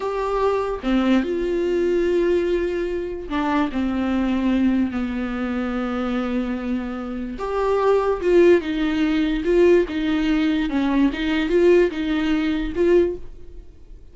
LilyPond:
\new Staff \with { instrumentName = "viola" } { \time 4/4 \tempo 4 = 146 g'2 c'4 f'4~ | f'1 | d'4 c'2. | b1~ |
b2 g'2 | f'4 dis'2 f'4 | dis'2 cis'4 dis'4 | f'4 dis'2 f'4 | }